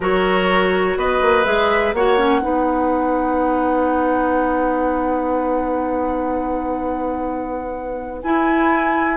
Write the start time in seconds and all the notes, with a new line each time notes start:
0.00 F#3 F#4 A#4 C#5
0.96 B3 B4 D#5
1.21 A#3
1.44 G#3 G#4 E5
1.93 A#3 F#4 C#5 F#5
2.17 C#4
2.40 B3 D#4 B4
8.22 E4 G#5